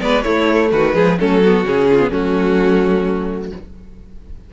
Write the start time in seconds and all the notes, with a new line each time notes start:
0.00 G#3 B3 B4 D5
0.22 A3 E4 C#5
0.71 D#3 F#4 B4
0.92 F3 G#3 G#4
1.19 F#3 A3 C#4 A4
1.42 B3 F#4
1.64 C#3 C#4 G#4
1.90 F4
1.99 B3
2.10 F#3 A3 C#4 F#4